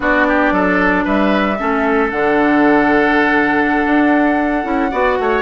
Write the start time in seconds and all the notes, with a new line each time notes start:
0.00 B3 D4 F#4 D5
0.27 G4
0.51 F#3 A4
1.04 G3 B4 E5
1.57 A3 C#4 A4
2.10 D3 D4 F#5
3.85 D4
4.63 C#4 E4
4.90 B3 F#4 D5
5.19 A3 C#5